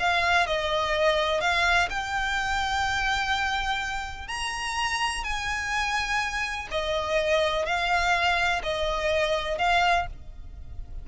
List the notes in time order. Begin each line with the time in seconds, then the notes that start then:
0.00 F5
0.47 D#5
1.41 F5
1.90 G5
4.28 A#5
5.24 G#5
6.71 D#5
7.66 F5
8.63 D#5
9.59 F5